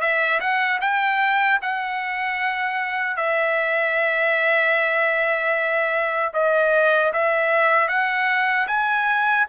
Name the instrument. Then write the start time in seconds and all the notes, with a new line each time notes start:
trumpet
0.00 E5
0.40 F#5
0.80 G5
1.61 F#5
3.17 E5
6.33 D#5
7.13 E5
7.88 F#5
8.67 G#5